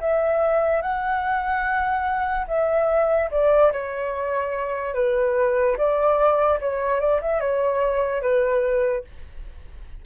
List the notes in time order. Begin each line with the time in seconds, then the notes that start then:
0.00 E5
0.82 F#5
2.48 E5
3.31 D5
3.72 C#5
4.94 B4
5.77 D5
6.61 C#5
7.00 D5
7.21 E5
7.40 C#5
8.22 B4